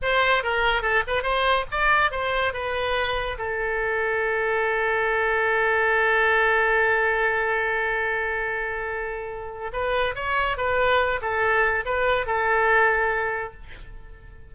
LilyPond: \new Staff \with { instrumentName = "oboe" } { \time 4/4 \tempo 4 = 142 c''4 ais'4 a'8 b'8 c''4 | d''4 c''4 b'2 | a'1~ | a'1~ |
a'1~ | a'2. b'4 | cis''4 b'4. a'4. | b'4 a'2. | }